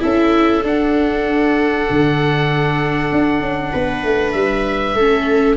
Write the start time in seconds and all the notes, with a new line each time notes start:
0.00 C#4 E4 A4 E5
0.64 D4 F#5
1.90 D3
3.12 D4
3.41 C#4
3.73 B3 B4
4.04 A3
4.33 G3 E5
4.95 A3 C#4 A4